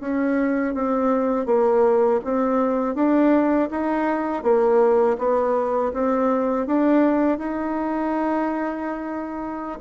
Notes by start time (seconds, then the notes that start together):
0.00 C#4
0.74 C4
1.46 A#3
2.24 C4
2.95 D4
3.71 D#4
4.43 A#3
5.18 B3
5.93 C4
6.67 D4
7.38 D#4